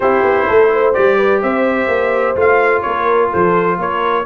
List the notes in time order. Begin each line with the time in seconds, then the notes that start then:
0.00 C4 E4 G4 C5
0.23 B3
0.46 A3 A4
0.72 C5
0.93 G3 G4 D5
1.17 B4
1.42 C4 C5 E5
1.87 A#3
2.35 A3 F4 F5
2.81 A#3 A#4 C#5
3.29 F3 A4 C5
3.78 A#3 A#4 C#5